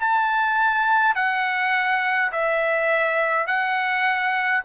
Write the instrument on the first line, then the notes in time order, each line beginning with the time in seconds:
trumpet
0.00 A5
1.15 F#5
2.32 E5
3.47 F#5